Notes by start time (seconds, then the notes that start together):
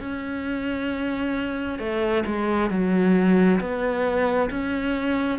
0.00 C#4
1.79 A3
2.26 G#3
2.70 F#3
3.60 B3
4.50 C#4